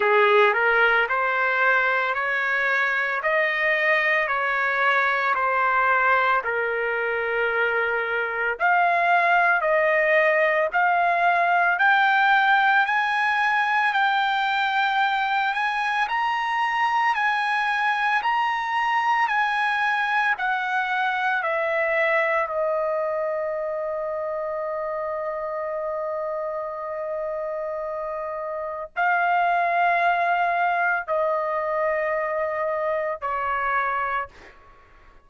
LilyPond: \new Staff \with { instrumentName = "trumpet" } { \time 4/4 \tempo 4 = 56 gis'8 ais'8 c''4 cis''4 dis''4 | cis''4 c''4 ais'2 | f''4 dis''4 f''4 g''4 | gis''4 g''4. gis''8 ais''4 |
gis''4 ais''4 gis''4 fis''4 | e''4 dis''2.~ | dis''2. f''4~ | f''4 dis''2 cis''4 | }